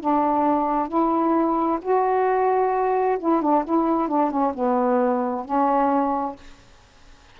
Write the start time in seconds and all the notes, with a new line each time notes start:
0.00 D4
0.88 E4
1.82 F#4
3.19 E4
3.41 D4
3.64 E4
4.08 D4
4.30 C#4
4.54 B3
5.45 C#4